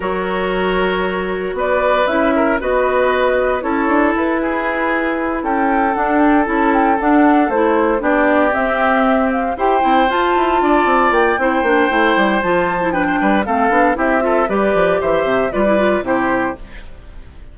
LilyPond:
<<
  \new Staff \with { instrumentName = "flute" } { \time 4/4 \tempo 4 = 116 cis''2. d''4 | e''4 dis''2 cis''4 | b'2~ b'8 g''4 fis''8 | g''8 a''8 g''8 fis''4 c''4 d''8~ |
d''8 e''4. f''8 g''4 a''8~ | a''4. g''2~ g''8 | a''4 g''4 f''4 e''4 | d''4 e''4 d''4 c''4 | }
  \new Staff \with { instrumentName = "oboe" } { \time 4/4 ais'2. b'4~ | b'8 ais'8 b'2 a'4~ | a'8 gis'2 a'4.~ | a'2.~ a'8 g'8~ |
g'2~ g'8 c''4.~ | c''8 d''4. c''2~ | c''4 b'16 c''16 b'8 a'4 g'8 a'8 | b'4 c''4 b'4 g'4 | }
  \new Staff \with { instrumentName = "clarinet" } { \time 4/4 fis'1 | e'4 fis'2 e'4~ | e'2.~ e'8 d'8~ | d'8 e'4 d'4 e'4 d'8~ |
d'8 c'2 g'8 e'8 f'8~ | f'2 e'8 d'8 e'4 | f'8. e'16 d'4 c'8 d'8 e'8 f'8 | g'2 f'16 e'16 f'8 e'4 | }
  \new Staff \with { instrumentName = "bassoon" } { \time 4/4 fis2. b4 | cis'4 b2 cis'8 d'8 | e'2~ e'8 cis'4 d'8~ | d'8 cis'4 d'4 a4 b8~ |
b8 c'2 e'8 c'8 f'8 | e'8 d'8 c'8 ais8 c'8 ais8 a8 g8 | f4. g8 a8 b8 c'4 | g8 f8 e8 c8 g4 c4 | }
>>